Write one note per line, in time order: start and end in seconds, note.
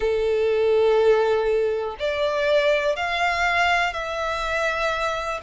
0.00 1.96 A4
1.99 2.96 D5
2.96 3.93 F5
3.93 5.40 E5